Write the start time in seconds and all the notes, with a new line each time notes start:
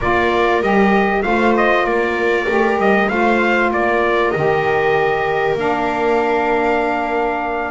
0.00 A#3 F4 A#4 D5
0.61 G3 G4 D#5
1.22 A3 F4 C5 F5
1.56 D#5
1.84 A#3 A#4 D5
2.48 A3 G4
2.76 G3 D#5
3.09 A3 F4 C5 F5
3.70 A#3 A#4 D5
4.31 D#3 G4 D#5
5.54 A#3 D4 F5